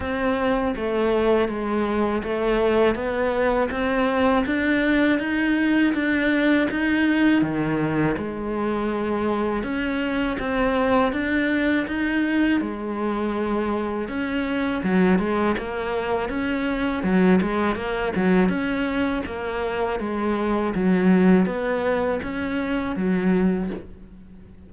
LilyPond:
\new Staff \with { instrumentName = "cello" } { \time 4/4 \tempo 4 = 81 c'4 a4 gis4 a4 | b4 c'4 d'4 dis'4 | d'4 dis'4 dis4 gis4~ | gis4 cis'4 c'4 d'4 |
dis'4 gis2 cis'4 | fis8 gis8 ais4 cis'4 fis8 gis8 | ais8 fis8 cis'4 ais4 gis4 | fis4 b4 cis'4 fis4 | }